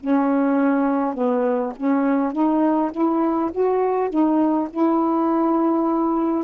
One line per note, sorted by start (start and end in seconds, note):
0.00 1.14 C#4
1.14 1.73 B3
1.76 2.33 C#4
2.33 2.91 D#4
2.92 3.51 E4
3.52 4.10 F#4
4.10 4.69 D#4
4.70 6.44 E4